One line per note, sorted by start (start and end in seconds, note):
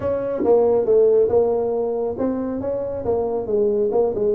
0.00 0.43 C#4
0.44 0.85 A#3
0.85 1.28 A3
1.28 2.15 A#3
2.18 2.60 C4
2.60 3.04 C#4
3.04 3.46 A#3
3.46 3.90 G#3
3.91 4.13 A#3
4.14 4.34 G#3